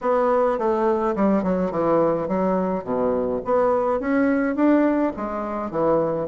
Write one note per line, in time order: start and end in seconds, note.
0.01 0.58 B3
0.58 1.15 A3
1.15 1.43 G3
1.43 1.71 F#3
1.71 2.28 E3
2.28 2.83 F#3
2.83 3.41 B2
3.44 3.99 B3
3.99 4.55 C#4
4.55 5.12 D4
5.16 5.71 G#3
5.71 6.28 E3